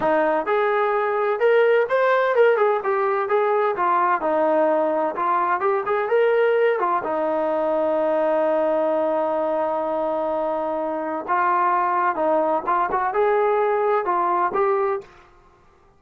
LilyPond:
\new Staff \with { instrumentName = "trombone" } { \time 4/4 \tempo 4 = 128 dis'4 gis'2 ais'4 | c''4 ais'8 gis'8 g'4 gis'4 | f'4 dis'2 f'4 | g'8 gis'8 ais'4. f'8 dis'4~ |
dis'1~ | dis'1 | f'2 dis'4 f'8 fis'8 | gis'2 f'4 g'4 | }